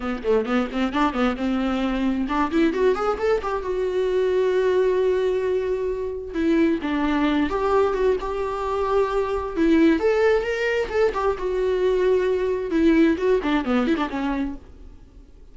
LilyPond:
\new Staff \with { instrumentName = "viola" } { \time 4/4 \tempo 4 = 132 b8 a8 b8 c'8 d'8 b8 c'4~ | c'4 d'8 e'8 fis'8 gis'8 a'8 g'8 | fis'1~ | fis'2 e'4 d'4~ |
d'8 g'4 fis'8 g'2~ | g'4 e'4 a'4 ais'4 | a'8 g'8 fis'2. | e'4 fis'8 d'8 b8 e'16 d'16 cis'4 | }